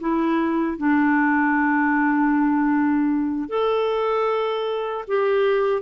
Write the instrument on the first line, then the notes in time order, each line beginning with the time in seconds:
clarinet
0.00 E4
0.78 D4
3.49 A4
5.08 G4